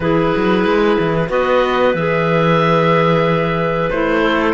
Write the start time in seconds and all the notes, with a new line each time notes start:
0.00 E3 E4 G#4 B4
0.36 F#3
0.64 G#3
0.99 E3
1.27 B3 F#4 B4 D#5
1.93 E3 G#4 E5
3.89 A3 E4 C5
4.22 A4